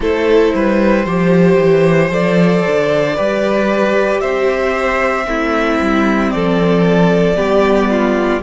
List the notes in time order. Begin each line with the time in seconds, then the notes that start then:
0.00 A3 E4 A4 C5
0.54 G3 B4
1.05 F3 G4 C5
1.58 E3
2.09 F3 A4 D5
2.66 D3
3.15 G3 G4 B4
4.20 C4 C5 E5
5.24 A3 C4 E4
5.80 G3
6.31 F3 A4 D5
7.35 G3 B3 G4
7.89 F4